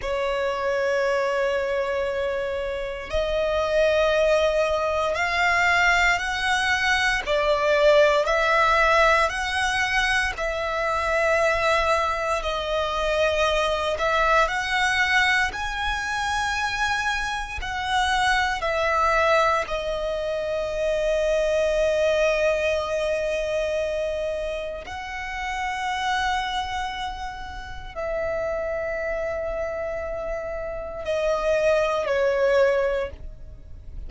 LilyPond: \new Staff \with { instrumentName = "violin" } { \time 4/4 \tempo 4 = 58 cis''2. dis''4~ | dis''4 f''4 fis''4 d''4 | e''4 fis''4 e''2 | dis''4. e''8 fis''4 gis''4~ |
gis''4 fis''4 e''4 dis''4~ | dis''1 | fis''2. e''4~ | e''2 dis''4 cis''4 | }